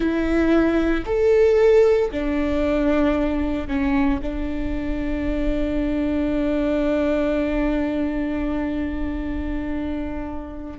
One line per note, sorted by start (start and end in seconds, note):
0.00 1.04 E4
1.05 2.11 A4
2.11 3.67 D4
3.67 4.20 C#4
4.22 10.78 D4